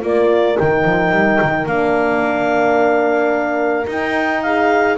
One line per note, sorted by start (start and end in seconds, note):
0.00 0.57 A#3
0.00 0.55 F4
0.00 4.43 A#4
0.00 0.58 D5
0.58 0.84 D#3
0.58 1.67 D#4
0.58 1.66 G5
0.84 1.11 F3
1.11 1.39 G3
1.42 1.65 D#3
1.65 3.86 A#3
1.65 3.87 D4
1.65 3.86 F5
3.86 4.96 D#4
3.86 4.98 D#4
3.86 4.42 G5
4.42 4.98 G#4
4.42 4.97 F5